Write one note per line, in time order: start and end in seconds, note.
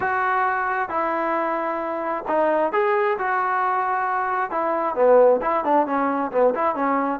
0.00 0.89 F#4
0.89 2.24 E4
2.27 2.72 D#4
2.72 3.17 G#4
3.18 4.51 F#4
4.51 4.95 E4
4.95 5.40 B3
5.41 5.64 E4
5.64 5.86 D4
5.86 6.31 C#4
6.31 6.54 B3
6.54 6.75 E4
6.75 7.20 C#4